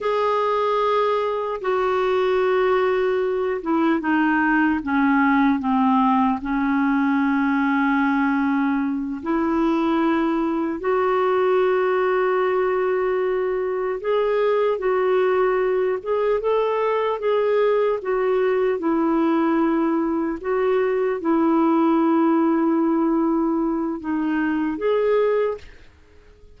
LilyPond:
\new Staff \with { instrumentName = "clarinet" } { \time 4/4 \tempo 4 = 75 gis'2 fis'2~ | fis'8 e'8 dis'4 cis'4 c'4 | cis'2.~ cis'8 e'8~ | e'4. fis'2~ fis'8~ |
fis'4. gis'4 fis'4. | gis'8 a'4 gis'4 fis'4 e'8~ | e'4. fis'4 e'4.~ | e'2 dis'4 gis'4 | }